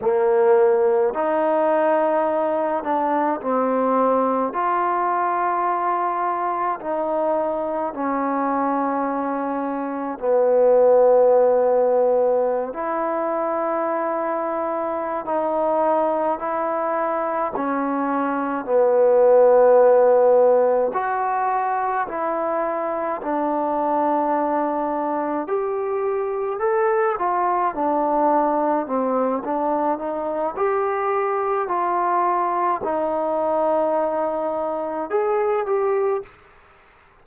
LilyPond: \new Staff \with { instrumentName = "trombone" } { \time 4/4 \tempo 4 = 53 ais4 dis'4. d'8 c'4 | f'2 dis'4 cis'4~ | cis'4 b2~ b16 e'8.~ | e'4. dis'4 e'4 cis'8~ |
cis'8 b2 fis'4 e'8~ | e'8 d'2 g'4 a'8 | f'8 d'4 c'8 d'8 dis'8 g'4 | f'4 dis'2 gis'8 g'8 | }